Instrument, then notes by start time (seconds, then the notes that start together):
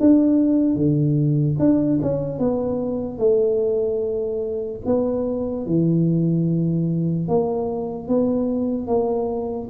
tuba
0.00 D4
0.76 D3
1.59 D4
2.02 C#4
2.39 B3
3.18 A3
4.86 B3
5.66 E3
7.28 A#3
8.08 B3
8.87 A#3